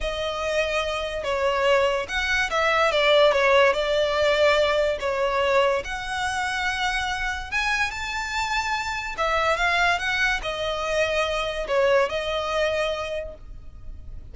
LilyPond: \new Staff \with { instrumentName = "violin" } { \time 4/4 \tempo 4 = 144 dis''2. cis''4~ | cis''4 fis''4 e''4 d''4 | cis''4 d''2. | cis''2 fis''2~ |
fis''2 gis''4 a''4~ | a''2 e''4 f''4 | fis''4 dis''2. | cis''4 dis''2. | }